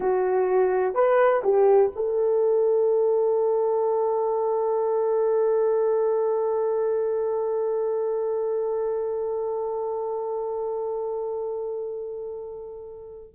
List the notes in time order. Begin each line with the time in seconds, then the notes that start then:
0.00 F#4
0.94 B4
1.43 G4
1.95 A4